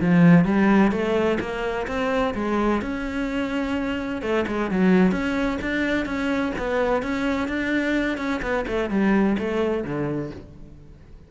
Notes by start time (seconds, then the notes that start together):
0.00 F3
0.44 G3
0.91 A3
1.40 A#3
1.87 C4
2.34 G#3
2.81 C#4
4.21 A3
4.47 G#3
4.70 F#3
5.11 C#4
5.61 D4
6.05 C#4
6.58 B3
7.02 C#4
7.47 D4
8.17 C#4
8.41 B3
8.67 A3
8.89 G3
9.38 A3
9.83 D3